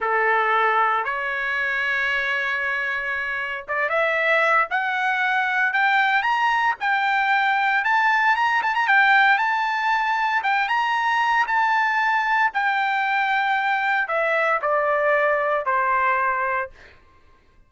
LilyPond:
\new Staff \with { instrumentName = "trumpet" } { \time 4/4 \tempo 4 = 115 a'2 cis''2~ | cis''2. d''8 e''8~ | e''4 fis''2 g''4 | ais''4 g''2 a''4 |
ais''8 a''16 ais''16 g''4 a''2 | g''8 ais''4. a''2 | g''2. e''4 | d''2 c''2 | }